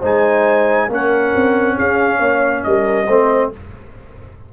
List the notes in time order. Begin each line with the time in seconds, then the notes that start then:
0.00 G#3 D#4 C5 G#5
0.89 A#3 C#4 A#4 F#5
1.36 C4
1.78 C#4 G#4 F5
2.18 A#3 C#5
2.64 G3 A#4 D#5
3.08 A3 C4 C5